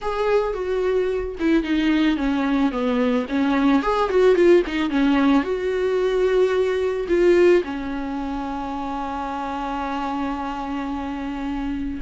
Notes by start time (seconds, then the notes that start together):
0.01 G#4
0.53 F#4
1.39 E4
1.63 D#4
2.17 C#4
2.71 B3
3.29 C#4
3.82 G#4
4.09 F#4
4.35 F4
4.66 D#4
4.89 C#4
5.43 F#4
7.08 F4
7.64 C#4